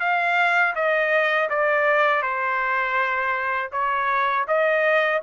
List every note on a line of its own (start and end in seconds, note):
0.00 0.74 F5
0.75 1.49 D#5
1.49 2.23 D5
2.23 3.71 C5
3.72 4.46 C#5
4.48 5.22 D#5